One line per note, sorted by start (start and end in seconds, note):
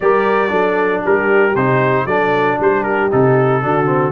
0.00 0.52 G3
0.00 0.48 G4
0.00 0.50 A#4
0.00 1.03 D5
0.48 1.03 F#3
0.48 1.52 D4
0.48 1.02 A4
1.03 1.55 G3
1.03 2.05 G4
1.03 1.55 A#4
1.55 2.05 C3
1.55 2.08 D#4
1.55 2.06 C5
2.05 2.56 F#3
2.05 3.10 D4
2.05 2.57 A4
2.05 2.58 D5
2.59 3.11 G3
2.59 3.63 G4
2.59 2.83 C5
2.83 3.09 A#4
3.10 3.63 C3
3.10 3.62 D#4
3.10 4.12 A4
3.62 4.12 D3
3.62 3.85 D4
3.62 4.12 F#4
3.85 4.11 C4